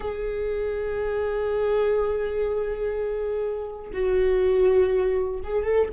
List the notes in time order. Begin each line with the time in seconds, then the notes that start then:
0.00 G#4
3.93 F#4
5.43 G#4
5.64 A4